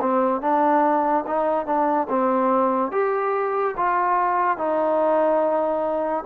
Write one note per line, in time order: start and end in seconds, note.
0.00 0.41 C4
0.41 1.25 D4
1.27 1.66 D#4
1.66 2.08 D4
2.09 2.92 C4
2.92 3.75 G4
3.77 4.58 F4
4.58 6.24 D#4